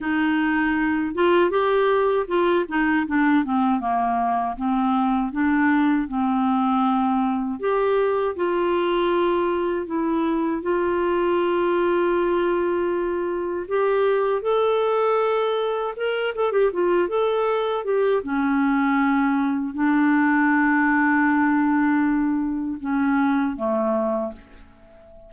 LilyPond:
\new Staff \with { instrumentName = "clarinet" } { \time 4/4 \tempo 4 = 79 dis'4. f'8 g'4 f'8 dis'8 | d'8 c'8 ais4 c'4 d'4 | c'2 g'4 f'4~ | f'4 e'4 f'2~ |
f'2 g'4 a'4~ | a'4 ais'8 a'16 g'16 f'8 a'4 g'8 | cis'2 d'2~ | d'2 cis'4 a4 | }